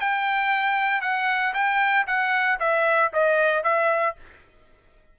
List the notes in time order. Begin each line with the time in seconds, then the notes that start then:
0.00 G5
1.01 F#5
1.54 G5
2.07 F#5
2.59 E5
3.13 D#5
3.64 E5